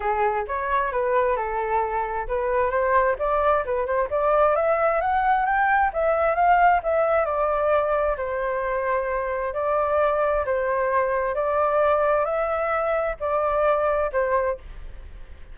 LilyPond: \new Staff \with { instrumentName = "flute" } { \time 4/4 \tempo 4 = 132 gis'4 cis''4 b'4 a'4~ | a'4 b'4 c''4 d''4 | b'8 c''8 d''4 e''4 fis''4 | g''4 e''4 f''4 e''4 |
d''2 c''2~ | c''4 d''2 c''4~ | c''4 d''2 e''4~ | e''4 d''2 c''4 | }